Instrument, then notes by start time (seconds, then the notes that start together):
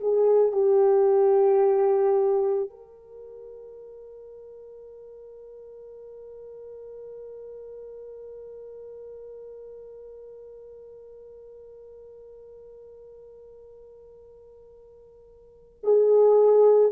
horn
0.00 G#4
0.52 G4
2.70 A#4
15.83 G#4